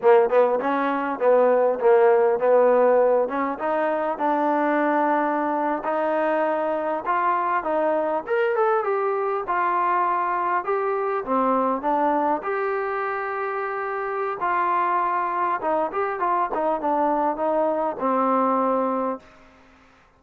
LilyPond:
\new Staff \with { instrumentName = "trombone" } { \time 4/4 \tempo 4 = 100 ais8 b8 cis'4 b4 ais4 | b4. cis'8 dis'4 d'4~ | d'4.~ d'16 dis'2 f'16~ | f'8. dis'4 ais'8 a'8 g'4 f'16~ |
f'4.~ f'16 g'4 c'4 d'16~ | d'8. g'2.~ g'16 | f'2 dis'8 g'8 f'8 dis'8 | d'4 dis'4 c'2 | }